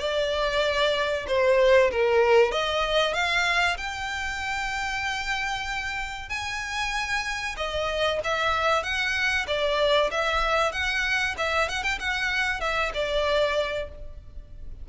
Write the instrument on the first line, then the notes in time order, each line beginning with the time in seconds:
violin
0.00 D5
1.28 C5
1.91 A#4
2.52 D#5
3.14 F5
3.78 G5
6.30 G#5
7.57 D#5
8.24 E5
8.83 F#5
9.47 D5
10.11 E5
10.72 F#5
11.38 E5
11.69 F#5
11.83 G5
11.99 F#5
12.61 E5
12.94 D5